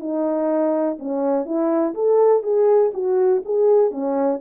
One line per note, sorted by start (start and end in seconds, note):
0.00 0.98 D#4
0.99 1.45 C#4
1.45 1.94 E4
1.94 2.43 A4
2.43 2.92 G#4
2.94 3.43 F#4
3.45 3.92 G#4
3.92 4.40 C#4